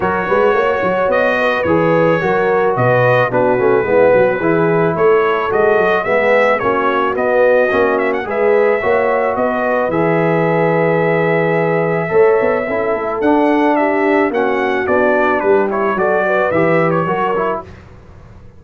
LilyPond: <<
  \new Staff \with { instrumentName = "trumpet" } { \time 4/4 \tempo 4 = 109 cis''2 dis''4 cis''4~ | cis''4 dis''4 b'2~ | b'4 cis''4 dis''4 e''4 | cis''4 dis''4. e''16 fis''16 e''4~ |
e''4 dis''4 e''2~ | e''1 | fis''4 e''4 fis''4 d''4 | b'8 cis''8 d''4 e''8. cis''4~ cis''16 | }
  \new Staff \with { instrumentName = "horn" } { \time 4/4 ais'8 b'8 cis''4. b'4. | ais'4 b'4 fis'4 e'8 fis'8 | gis'4 a'2 gis'4 | fis'2. b'4 |
cis''4 b'2.~ | b'2 cis''4 a'4~ | a'4 g'4 fis'2 | g'4 a'8 b'4. ais'4 | }
  \new Staff \with { instrumentName = "trombone" } { \time 4/4 fis'2. gis'4 | fis'2 d'8 cis'8 b4 | e'2 fis'4 b4 | cis'4 b4 cis'4 gis'4 |
fis'2 gis'2~ | gis'2 a'4 e'4 | d'2 cis'4 d'4~ | d'8 e'8 fis'4 g'4 fis'8 e'8 | }
  \new Staff \with { instrumentName = "tuba" } { \time 4/4 fis8 gis8 ais8 fis8 b4 e4 | fis4 b,4 b8 a8 gis8 fis8 | e4 a4 gis8 fis8 gis4 | ais4 b4 ais4 gis4 |
ais4 b4 e2~ | e2 a8 b8 cis'8 a8 | d'2 ais4 b4 | g4 fis4 e4 fis4 | }
>>